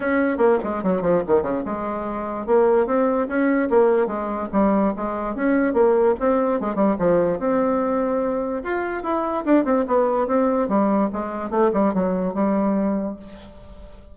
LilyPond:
\new Staff \with { instrumentName = "bassoon" } { \time 4/4 \tempo 4 = 146 cis'4 ais8 gis8 fis8 f8 dis8 cis8 | gis2 ais4 c'4 | cis'4 ais4 gis4 g4 | gis4 cis'4 ais4 c'4 |
gis8 g8 f4 c'2~ | c'4 f'4 e'4 d'8 c'8 | b4 c'4 g4 gis4 | a8 g8 fis4 g2 | }